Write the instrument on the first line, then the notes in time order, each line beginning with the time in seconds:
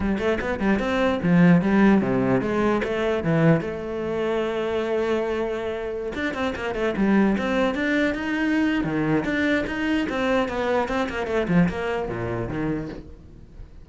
cello
0.00 G3
0.18 A3
0.40 B3
0.59 G3
0.79 C4
1.22 F3
1.61 G3
2.01 C3
2.41 G#3
2.84 A3
3.23 E3
3.60 A3
6.15 D4
6.34 C4
6.55 A#3
6.74 A3
6.96 G3
7.38 C4
7.75 D4
8.14 D#4
8.84 D#3
9.24 D4
9.66 D#4
10.09 C4
10.48 B3
10.88 C4
11.09 A#3
11.27 A3
11.48 F3
11.69 A#3
12.08 A#2
12.48 D#3